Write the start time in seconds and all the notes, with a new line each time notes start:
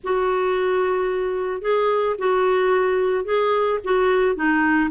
0.03 F#4
1.61 G#4
2.18 F#4
3.24 G#4
3.84 F#4
4.35 D#4